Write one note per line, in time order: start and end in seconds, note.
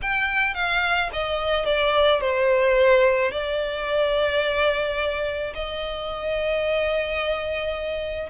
0.02 0.54 G5
0.54 1.10 F5
1.12 1.65 D#5
1.65 2.20 D5
2.20 3.31 C5
3.31 5.53 D5
5.54 8.29 D#5